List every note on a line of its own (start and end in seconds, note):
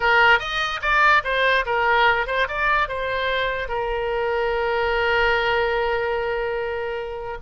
0.00 0.39 A#4
0.39 0.80 D#5
0.81 1.22 D5
1.23 1.65 C5
1.65 2.27 A#4
2.27 2.47 C5
2.48 2.88 D5
2.88 3.68 C5
3.68 7.38 A#4